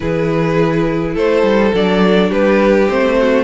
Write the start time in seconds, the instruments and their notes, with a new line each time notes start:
0.00 cello E3, viola E4, violin G#4 B4
1.14 cello A3, violin A4 C5
1.43 cello G3
1.74 cello F#3, viola D4, violin D5
2.29 cello G3, violin G4 B4
2.88 cello A3, viola C4, violin C5
3.18 violin F#4